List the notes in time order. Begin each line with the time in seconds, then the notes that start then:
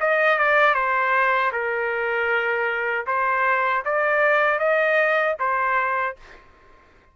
0.00 D#5
0.38 D5
0.74 C5
1.52 A#4
3.07 C5
3.85 D5
4.59 D#5
5.40 C5